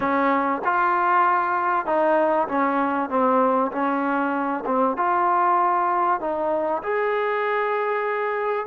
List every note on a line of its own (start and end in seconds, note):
0.00 0.62 C#4
0.64 1.86 F4
1.86 2.47 D#4
2.48 3.09 C#4
3.09 3.71 C4
3.71 4.64 C#4
4.65 4.96 C4
4.97 6.20 F4
6.20 6.82 D#4
6.82 8.66 G#4